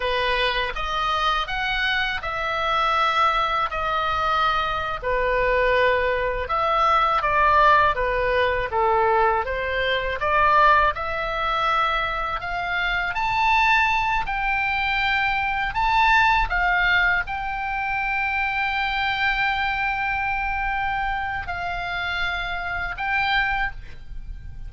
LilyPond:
\new Staff \with { instrumentName = "oboe" } { \time 4/4 \tempo 4 = 81 b'4 dis''4 fis''4 e''4~ | e''4 dis''4.~ dis''16 b'4~ b'16~ | b'8. e''4 d''4 b'4 a'16~ | a'8. c''4 d''4 e''4~ e''16~ |
e''8. f''4 a''4. g''8.~ | g''4~ g''16 a''4 f''4 g''8.~ | g''1~ | g''4 f''2 g''4 | }